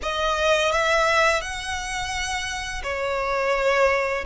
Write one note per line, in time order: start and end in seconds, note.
0.02 0.72 D#5
0.72 1.41 E5
1.41 2.82 F#5
2.83 4.24 C#5